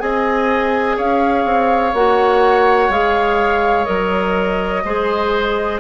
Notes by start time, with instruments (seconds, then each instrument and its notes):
0.00 bassoon C4, clarinet G#4, oboe D#5, flute G#5
0.97 bassoon C#4, oboe C#5, flute F5
1.45 bassoon C4
1.93 bassoon A#3, clarinet F#4, flute F#5
2.89 bassoon G#3, clarinet G#4, flute F5
3.85 bassoon F#3, clarinet A#4, flute D#5
4.85 bassoon G#3, clarinet G#4, oboe C5